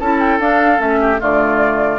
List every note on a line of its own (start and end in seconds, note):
0.00 0.39 C#4
0.00 0.40 E4
0.00 1.00 A4
0.00 0.20 A5
0.20 0.40 G5
0.39 0.80 D4
0.39 0.77 D4
0.39 0.81 F5
0.77 1.20 A3
0.77 1.18 C#4
0.77 1.21 E5
1.00 1.20 G4
1.19 1.99 D3
1.19 1.99 A3
1.19 1.99 F4
1.19 1.99 D5